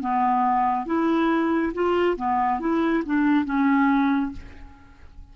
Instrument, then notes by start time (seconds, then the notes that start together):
clarinet
0.00 B3
0.85 E4
1.74 F4
2.16 B3
2.60 E4
3.05 D4
3.45 C#4